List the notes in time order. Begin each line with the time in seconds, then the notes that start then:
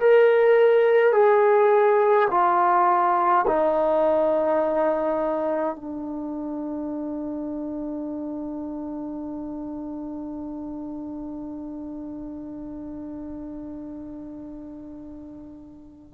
0.00 A#4
1.13 G#4
2.31 F4
3.48 D#4
5.76 D4